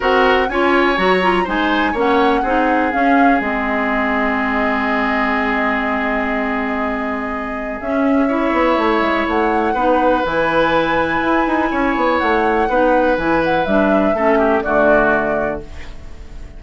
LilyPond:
<<
  \new Staff \with { instrumentName = "flute" } { \time 4/4 \tempo 4 = 123 fis''4 gis''4 ais''4 gis''4 | fis''2 f''4 dis''4~ | dis''1~ | dis''1 |
e''2. fis''4~ | fis''4 gis''2.~ | gis''4 fis''2 gis''8 fis''8 | e''2 d''2 | }
  \new Staff \with { instrumentName = "oboe" } { \time 4/4 ais'4 cis''2 c''4 | cis''4 gis'2.~ | gis'1~ | gis'1~ |
gis'4 cis''2. | b'1 | cis''2 b'2~ | b'4 a'8 g'8 fis'2 | }
  \new Staff \with { instrumentName = "clarinet" } { \time 4/4 fis'4 f'4 fis'8 f'8 dis'4 | cis'4 dis'4 cis'4 c'4~ | c'1~ | c'1 |
cis'4 e'2. | dis'4 e'2.~ | e'2 dis'4 e'4 | d'4 cis'4 a2 | }
  \new Staff \with { instrumentName = "bassoon" } { \time 4/4 c'4 cis'4 fis4 gis4 | ais4 c'4 cis'4 gis4~ | gis1~ | gis1 |
cis'4. b8 a8 gis8 a4 | b4 e2 e'8 dis'8 | cis'8 b8 a4 b4 e4 | g4 a4 d2 | }
>>